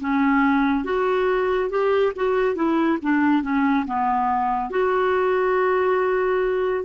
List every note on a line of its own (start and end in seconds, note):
0.00 0.84 C#4
0.84 1.69 F#4
1.69 2.12 G4
2.16 2.56 F#4
2.56 2.98 E4
3.02 3.42 D4
3.42 3.85 C#4
3.86 4.70 B3
4.70 6.85 F#4